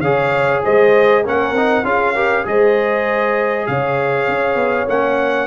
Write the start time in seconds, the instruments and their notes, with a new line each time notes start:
0.00 tuba C#3, trombone G#4, horn C#5, trumpet F5
0.64 tuba G#3, horn C5, trumpet D#5
1.23 tuba A#3, trombone C#4, horn A#4, trumpet F#5
1.52 tuba C4, trombone D#4
1.83 tuba C#4, trombone F4, horn G#4, trumpet F5
2.14 trombone G4, horn A#4
2.45 tuba G#3, trombone G#4, horn C5, trumpet D#5
3.66 tuba C#3, horn C#5, trumpet F5
4.28 tuba C#4
4.55 tuba B3
4.87 tuba A#3, trombone C#4, trumpet F#5